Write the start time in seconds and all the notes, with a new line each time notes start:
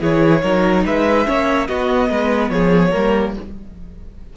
0.00 E3 E4 G#4 C#5
0.42 F#3 D#4 A#4
0.85 G#3 B4 E5
1.26 A#3 C#4 C#5
1.67 B3 F#4 D#5
2.09 G#3 B4
2.50 F3 G#4 C#5
2.91 G3 A#3 A#4